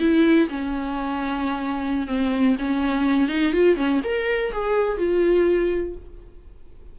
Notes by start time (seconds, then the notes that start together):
0.00 E4
0.50 C#4
2.08 C4
2.59 C#4
3.29 D#4
3.53 F4
3.77 C#4
4.04 A#4
4.53 G#4
4.98 F4